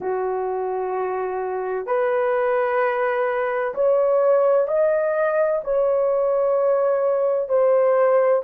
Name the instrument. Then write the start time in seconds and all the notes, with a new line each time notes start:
horn
0.00 F#4
1.86 B4
3.74 C#5
4.67 D#5
5.64 C#5
7.48 C5